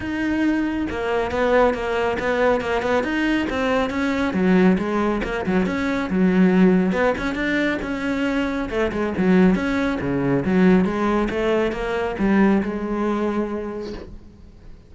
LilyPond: \new Staff \with { instrumentName = "cello" } { \time 4/4 \tempo 4 = 138 dis'2 ais4 b4 | ais4 b4 ais8 b8 dis'4 | c'4 cis'4 fis4 gis4 | ais8 fis8 cis'4 fis2 |
b8 cis'8 d'4 cis'2 | a8 gis8 fis4 cis'4 cis4 | fis4 gis4 a4 ais4 | g4 gis2. | }